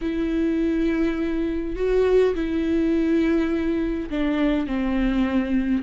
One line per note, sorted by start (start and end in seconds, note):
0.01 1.76 E4
1.76 2.34 F#4
2.35 4.09 E4
4.09 4.67 D4
4.67 5.83 C4